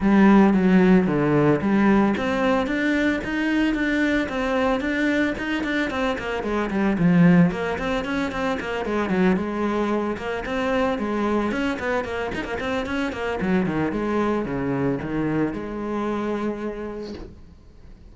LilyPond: \new Staff \with { instrumentName = "cello" } { \time 4/4 \tempo 4 = 112 g4 fis4 d4 g4 | c'4 d'4 dis'4 d'4 | c'4 d'4 dis'8 d'8 c'8 ais8 | gis8 g8 f4 ais8 c'8 cis'8 c'8 |
ais8 gis8 fis8 gis4. ais8 c'8~ | c'8 gis4 cis'8 b8 ais8 dis'16 ais16 c'8 | cis'8 ais8 fis8 dis8 gis4 cis4 | dis4 gis2. | }